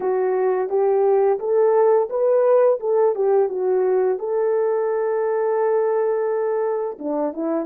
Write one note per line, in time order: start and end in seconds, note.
0.00 0.68 F#4
0.68 1.38 G4
1.39 2.08 A4
2.09 2.79 B4
2.80 3.15 A4
3.15 3.49 G4
3.49 4.18 F#4
4.19 6.98 A4
6.99 7.33 D4
7.33 7.65 E4